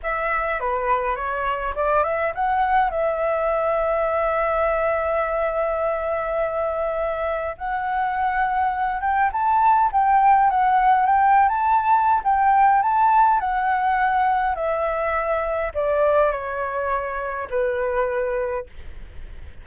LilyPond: \new Staff \with { instrumentName = "flute" } { \time 4/4 \tempo 4 = 103 e''4 b'4 cis''4 d''8 e''8 | fis''4 e''2.~ | e''1~ | e''4 fis''2~ fis''8 g''8 |
a''4 g''4 fis''4 g''8. a''16~ | a''4 g''4 a''4 fis''4~ | fis''4 e''2 d''4 | cis''2 b'2 | }